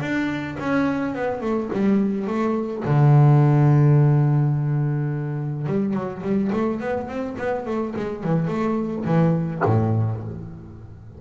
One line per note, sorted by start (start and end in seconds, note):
0.00 0.57 D4
0.59 1.14 C#4
1.14 1.41 B3
1.41 1.69 A3
1.73 2.27 G3
2.27 2.83 A3
2.85 5.66 D3
5.66 5.93 G3
5.93 6.22 F#3
6.22 6.50 G3
6.52 6.80 A3
6.80 7.08 B3
7.08 7.36 C4
7.38 7.66 B3
7.66 7.94 A3
7.96 8.23 G#3
8.23 8.48 E3
8.48 9.04 A3
9.05 9.61 E3
9.64 10.21 A2